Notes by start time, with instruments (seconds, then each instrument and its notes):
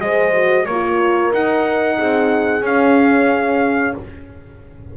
0.00 double bass G#3, horn G#4 C5, trumpet D#5
0.34 horn F#4
0.66 double bass A#3, horn F4 A#4, trumpet C#5
1.33 double bass D#4, horn D#4, trumpet F#5
1.98 double bass C4, horn G#4
2.62 double bass C#4, horn C#4, trumpet F5